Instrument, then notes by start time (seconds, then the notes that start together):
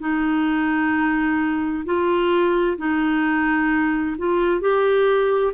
clarinet
0.00 D#4
1.85 F4
2.78 D#4
4.18 F4
4.61 G4